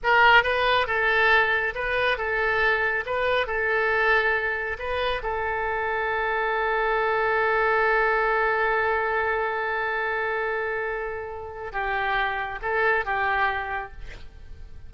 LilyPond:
\new Staff \with { instrumentName = "oboe" } { \time 4/4 \tempo 4 = 138 ais'4 b'4 a'2 | b'4 a'2 b'4 | a'2. b'4 | a'1~ |
a'1~ | a'1~ | a'2. g'4~ | g'4 a'4 g'2 | }